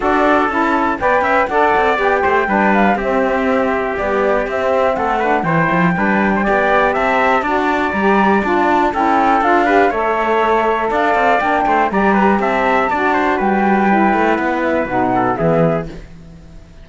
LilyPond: <<
  \new Staff \with { instrumentName = "flute" } { \time 4/4 \tempo 4 = 121 d''4 a''4 g''4 fis''4 | g''4. f''8 e''2 | d''4 e''4 fis''4 g''4~ | g''2 a''2 |
ais''4 a''4 g''4 f''4 | e''2 f''4 g''4 | ais''4 a''2 g''4~ | g''4 fis''8 e''8 fis''4 e''4 | }
  \new Staff \with { instrumentName = "trumpet" } { \time 4/4 a'2 d''8 e''8 d''4~ | d''8 c''8 b'4 g'2~ | g'2 a'8 b'8 c''4 | b'8. c''16 d''4 e''4 d''4~ |
d''2 a'4. b'8 | cis''2 d''4. c''8 | d''8 b'8 e''4 d''8 c''8 b'4~ | b'2~ b'8 a'8 gis'4 | }
  \new Staff \with { instrumentName = "saxophone" } { \time 4/4 fis'4 e'4 b'4 a'4 | g'4 d'4 c'2 | g4 c'4. d'8 e'4 | d'4 g'2 fis'4 |
g'4 f'4 e'4 f'8 g'8 | a'2. d'4 | g'2 fis'2 | e'2 dis'4 b4 | }
  \new Staff \with { instrumentName = "cello" } { \time 4/4 d'4 cis'4 b8 cis'8 d'8 c'8 | b8 a8 g4 c'2 | b4 c'4 a4 e8 f8 | g4 b4 c'4 d'4 |
g4 d'4 cis'4 d'4 | a2 d'8 c'8 ais8 a8 | g4 c'4 d'4 g4~ | g8 a8 b4 b,4 e4 | }
>>